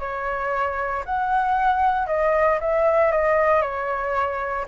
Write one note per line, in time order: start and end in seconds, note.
0.00 1.04 C#5
1.06 2.07 F#5
2.07 2.59 D#5
2.61 3.12 E5
3.12 3.62 D#5
3.62 4.66 C#5